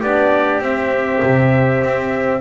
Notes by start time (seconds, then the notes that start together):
0.00 B3 D4 G4 D5
0.59 C4 E5
1.23 C3
1.83 C4